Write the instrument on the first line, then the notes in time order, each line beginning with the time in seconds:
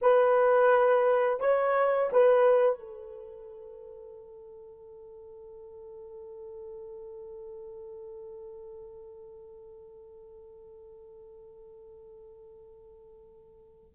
horn
0.01 B4
1.40 C#5
2.12 B4
2.79 A4